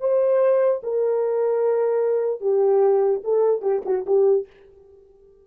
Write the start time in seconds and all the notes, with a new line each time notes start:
0.00 C5
0.83 A#4
2.40 G4
3.23 A4
3.61 G4
3.85 F#4
4.06 G4